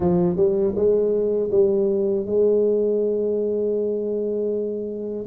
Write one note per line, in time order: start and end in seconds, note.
0.00 0.36 F3
0.36 0.73 G3
0.75 1.50 G#3
1.51 2.26 G3
2.26 5.26 G#3